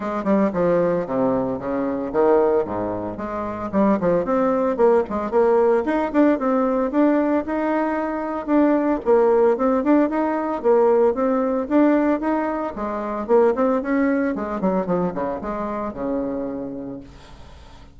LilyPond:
\new Staff \with { instrumentName = "bassoon" } { \time 4/4 \tempo 4 = 113 gis8 g8 f4 c4 cis4 | dis4 gis,4 gis4 g8 f8 | c'4 ais8 gis8 ais4 dis'8 d'8 | c'4 d'4 dis'2 |
d'4 ais4 c'8 d'8 dis'4 | ais4 c'4 d'4 dis'4 | gis4 ais8 c'8 cis'4 gis8 fis8 | f8 cis8 gis4 cis2 | }